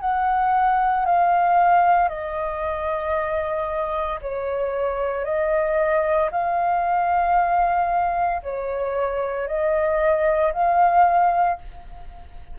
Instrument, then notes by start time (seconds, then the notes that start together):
flute
0.00 F#5
1.05 F5
2.08 D#5
4.21 C#5
5.24 D#5
6.31 F5
8.42 C#5
9.47 D#5
10.53 F5